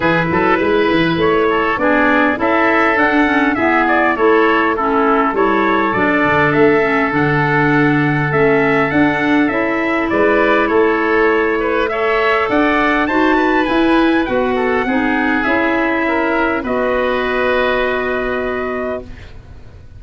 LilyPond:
<<
  \new Staff \with { instrumentName = "trumpet" } { \time 4/4 \tempo 4 = 101 b'2 cis''4 d''4 | e''4 fis''4 e''8 d''8 cis''4 | a'4 cis''4 d''4 e''4 | fis''2 e''4 fis''4 |
e''4 d''4 cis''2 | e''4 fis''4 a''4 gis''4 | fis''2 e''2 | dis''1 | }
  \new Staff \with { instrumentName = "oboe" } { \time 4/4 gis'8 a'8 b'4. a'8 gis'4 | a'2 gis'4 a'4 | e'4 a'2.~ | a'1~ |
a'4 b'4 a'4. b'8 | cis''4 d''4 c''8 b'4.~ | b'8 a'8 gis'2 ais'4 | b'1 | }
  \new Staff \with { instrumentName = "clarinet" } { \time 4/4 e'2. d'4 | e'4 d'8 cis'8 b4 e'4 | cis'4 e'4 d'4. cis'8 | d'2 cis'4 d'4 |
e'1 | a'2 fis'4 e'4 | fis'4 dis'4 e'2 | fis'1 | }
  \new Staff \with { instrumentName = "tuba" } { \time 4/4 e8 fis8 gis8 e8 a4 b4 | cis'4 d'4 e'4 a4~ | a4 g4 fis8 d8 a4 | d2 a4 d'4 |
cis'4 gis4 a2~ | a4 d'4 dis'4 e'4 | b4 c'4 cis'2 | b1 | }
>>